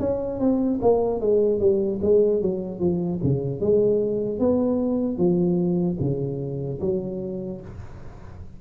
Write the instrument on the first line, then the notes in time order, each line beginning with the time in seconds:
tuba
0.00 C#4
0.40 C4
0.82 A#3
1.21 G#3
1.60 G3
2.02 G#3
2.42 F#3
2.80 F3
3.24 C#3
3.61 G#3
4.40 B3
5.18 F3
6.00 C#3
6.81 F#3